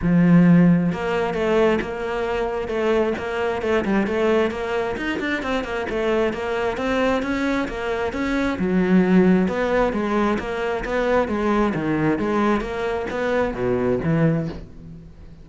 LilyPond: \new Staff \with { instrumentName = "cello" } { \time 4/4 \tempo 4 = 133 f2 ais4 a4 | ais2 a4 ais4 | a8 g8 a4 ais4 dis'8 d'8 | c'8 ais8 a4 ais4 c'4 |
cis'4 ais4 cis'4 fis4~ | fis4 b4 gis4 ais4 | b4 gis4 dis4 gis4 | ais4 b4 b,4 e4 | }